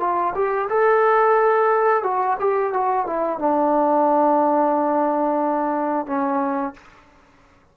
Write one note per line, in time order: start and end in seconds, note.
0.00 0.34 F4
0.35 0.68 G4
0.69 2.03 A4
2.03 2.37 F#4
2.39 2.73 G4
2.73 3.06 F#4
3.06 3.39 E4
3.39 6.06 D4
6.06 6.74 C#4